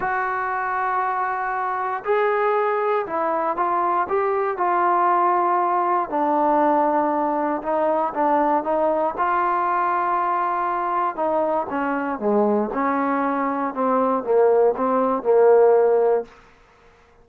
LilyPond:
\new Staff \with { instrumentName = "trombone" } { \time 4/4 \tempo 4 = 118 fis'1 | gis'2 e'4 f'4 | g'4 f'2. | d'2. dis'4 |
d'4 dis'4 f'2~ | f'2 dis'4 cis'4 | gis4 cis'2 c'4 | ais4 c'4 ais2 | }